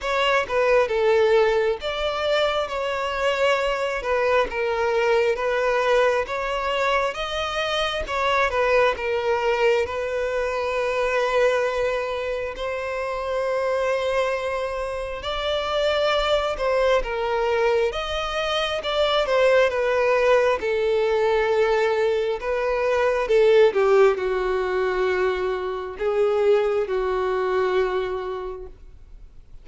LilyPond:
\new Staff \with { instrumentName = "violin" } { \time 4/4 \tempo 4 = 67 cis''8 b'8 a'4 d''4 cis''4~ | cis''8 b'8 ais'4 b'4 cis''4 | dis''4 cis''8 b'8 ais'4 b'4~ | b'2 c''2~ |
c''4 d''4. c''8 ais'4 | dis''4 d''8 c''8 b'4 a'4~ | a'4 b'4 a'8 g'8 fis'4~ | fis'4 gis'4 fis'2 | }